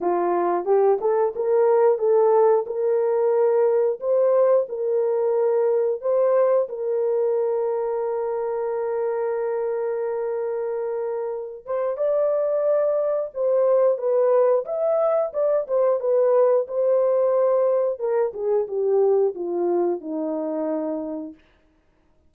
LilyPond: \new Staff \with { instrumentName = "horn" } { \time 4/4 \tempo 4 = 90 f'4 g'8 a'8 ais'4 a'4 | ais'2 c''4 ais'4~ | ais'4 c''4 ais'2~ | ais'1~ |
ais'4. c''8 d''2 | c''4 b'4 e''4 d''8 c''8 | b'4 c''2 ais'8 gis'8 | g'4 f'4 dis'2 | }